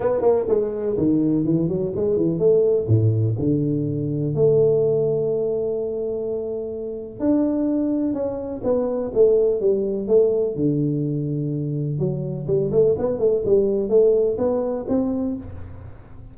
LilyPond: \new Staff \with { instrumentName = "tuba" } { \time 4/4 \tempo 4 = 125 b8 ais8 gis4 dis4 e8 fis8 | gis8 e8 a4 a,4 d4~ | d4 a2.~ | a2. d'4~ |
d'4 cis'4 b4 a4 | g4 a4 d2~ | d4 fis4 g8 a8 b8 a8 | g4 a4 b4 c'4 | }